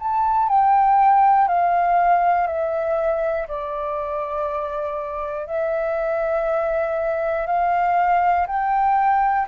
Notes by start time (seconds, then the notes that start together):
0.00 A5
0.48 G5
1.48 F5
2.47 E5
3.48 D5
5.47 E5
7.47 F5
8.48 G5